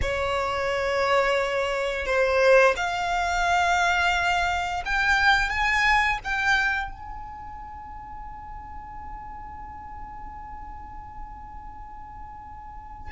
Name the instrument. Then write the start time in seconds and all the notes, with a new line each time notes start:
violin
0.01 C#5
2.06 C5
2.76 F5
4.85 G5
5.49 G#5
6.24 G5
6.91 G#5